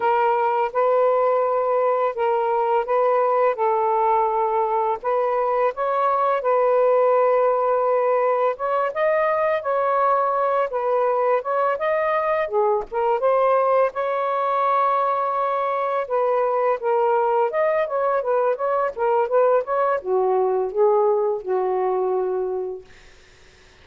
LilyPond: \new Staff \with { instrumentName = "saxophone" } { \time 4/4 \tempo 4 = 84 ais'4 b'2 ais'4 | b'4 a'2 b'4 | cis''4 b'2. | cis''8 dis''4 cis''4. b'4 |
cis''8 dis''4 gis'8 ais'8 c''4 cis''8~ | cis''2~ cis''8 b'4 ais'8~ | ais'8 dis''8 cis''8 b'8 cis''8 ais'8 b'8 cis''8 | fis'4 gis'4 fis'2 | }